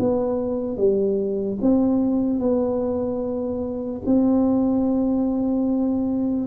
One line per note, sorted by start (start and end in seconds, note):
0.00 0.77 B3
0.77 1.58 G3
1.61 2.40 C4
2.40 4.02 B3
4.06 6.47 C4